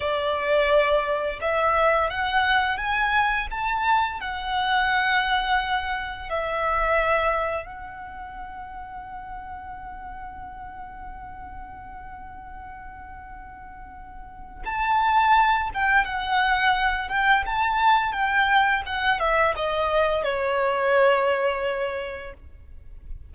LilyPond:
\new Staff \with { instrumentName = "violin" } { \time 4/4 \tempo 4 = 86 d''2 e''4 fis''4 | gis''4 a''4 fis''2~ | fis''4 e''2 fis''4~ | fis''1~ |
fis''1~ | fis''4 a''4. g''8 fis''4~ | fis''8 g''8 a''4 g''4 fis''8 e''8 | dis''4 cis''2. | }